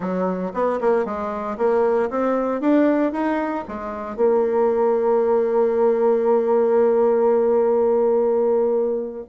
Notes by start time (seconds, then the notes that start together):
0.00 F#3
0.53 B3
0.80 A#3
1.05 G#3
1.57 A#3
2.10 C4
2.60 D4
3.12 D#4
3.68 G#3
4.16 A#3